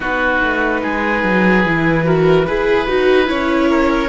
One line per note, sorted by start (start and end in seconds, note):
0.00 0.41 B3
0.00 1.64 D#4
0.00 0.80 F#4
0.00 3.29 B4
0.42 0.83 A3
0.82 1.23 G#3
0.82 2.05 G#4
1.23 1.64 F#3
1.65 2.47 E3
1.65 2.04 E4
2.04 2.45 F#4
2.04 2.46 A#4
2.46 2.88 E4
2.46 2.87 G#4
2.46 3.70 B4
2.87 3.29 D#4
2.87 3.25 F#4
3.25 4.09 C#4
3.25 4.08 E4
3.25 4.09 C#5
3.70 4.09 A#4